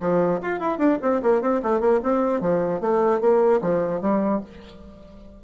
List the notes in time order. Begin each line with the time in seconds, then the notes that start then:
0.00 F3
0.42 F4
0.59 E4
0.78 D4
1.02 C4
1.22 A#3
1.41 C4
1.62 A3
1.80 A#3
2.03 C4
2.41 F3
2.80 A3
3.21 A#3
3.61 F3
4.01 G3